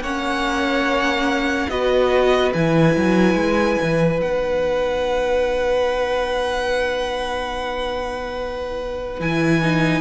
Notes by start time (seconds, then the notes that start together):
0.00 A#3 C#4 C#5 F#5
1.69 B3 F#4 B4 D#5
2.53 E3 E4 G#5
2.96 F#3
3.35 G#3
3.82 E3
4.20 B3 D#4 F#5
9.20 E3 E4 G#5
9.62 D#4